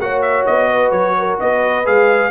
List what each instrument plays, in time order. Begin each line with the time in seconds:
0.00 tuba A#3, trombone F#4, horn C#5, trumpet F#5
0.22 trumpet E5
0.46 tuba B3, trumpet D#5
0.69 horn B4
0.92 tuba F#3, trumpet C#5
1.18 horn A#4
1.41 tuba B3, horn B4, trumpet D#5
1.85 tuba G#3, trombone G#4, trumpet F5